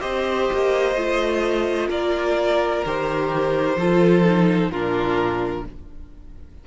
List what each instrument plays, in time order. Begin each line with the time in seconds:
0.00 cello C4, viola G4, violin C5 D#5
0.52 cello A#3
0.95 cello A3, viola F4
1.88 cello A#3, violin A#4 D5
2.85 cello D#3, viola G4, violin C5
3.76 cello F3, viola F4, violin A4
4.24 viola D#4
4.70 cello A#2, viola D4, violin F4 A#4